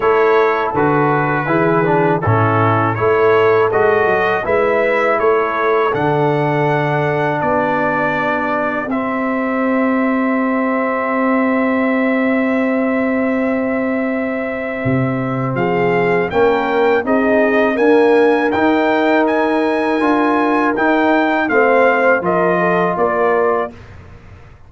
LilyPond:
<<
  \new Staff \with { instrumentName = "trumpet" } { \time 4/4 \tempo 4 = 81 cis''4 b'2 a'4 | cis''4 dis''4 e''4 cis''4 | fis''2 d''2 | e''1~ |
e''1~ | e''4 f''4 g''4 dis''4 | gis''4 g''4 gis''2 | g''4 f''4 dis''4 d''4 | }
  \new Staff \with { instrumentName = "horn" } { \time 4/4 a'2 gis'4 e'4 | a'2 b'4 a'4~ | a'2 g'2~ | g'1~ |
g'1~ | g'4 gis'4 ais'4 gis'4 | ais'1~ | ais'4 c''4 ais'8 a'8 ais'4 | }
  \new Staff \with { instrumentName = "trombone" } { \time 4/4 e'4 fis'4 e'8 d'8 cis'4 | e'4 fis'4 e'2 | d'1 | c'1~ |
c'1~ | c'2 cis'4 dis'4 | ais4 dis'2 f'4 | dis'4 c'4 f'2 | }
  \new Staff \with { instrumentName = "tuba" } { \time 4/4 a4 d4 e4 a,4 | a4 gis8 fis8 gis4 a4 | d2 b2 | c'1~ |
c'1 | c4 f4 ais4 c'4 | d'4 dis'2 d'4 | dis'4 a4 f4 ais4 | }
>>